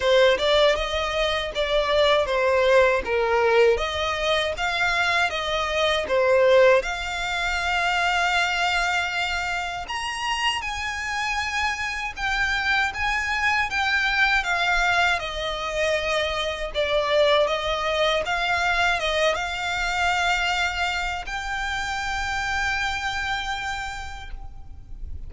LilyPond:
\new Staff \with { instrumentName = "violin" } { \time 4/4 \tempo 4 = 79 c''8 d''8 dis''4 d''4 c''4 | ais'4 dis''4 f''4 dis''4 | c''4 f''2.~ | f''4 ais''4 gis''2 |
g''4 gis''4 g''4 f''4 | dis''2 d''4 dis''4 | f''4 dis''8 f''2~ f''8 | g''1 | }